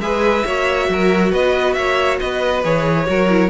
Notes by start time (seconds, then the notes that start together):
0.00 G#3 G#4 B4 E5
0.45 A#3 F#4 C#5
0.89 F#3 A#4
1.32 B3 B4 D#5
1.74 A#3 C#5 E5
2.20 B3 B4 D#5
2.64 E3 G#4 C#5
3.06 F#3 F#4 A#4
3.29 E4